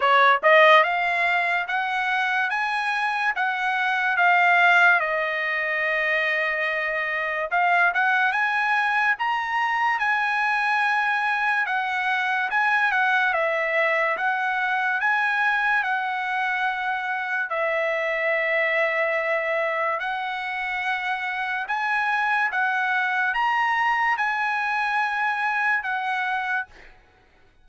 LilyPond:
\new Staff \with { instrumentName = "trumpet" } { \time 4/4 \tempo 4 = 72 cis''8 dis''8 f''4 fis''4 gis''4 | fis''4 f''4 dis''2~ | dis''4 f''8 fis''8 gis''4 ais''4 | gis''2 fis''4 gis''8 fis''8 |
e''4 fis''4 gis''4 fis''4~ | fis''4 e''2. | fis''2 gis''4 fis''4 | ais''4 gis''2 fis''4 | }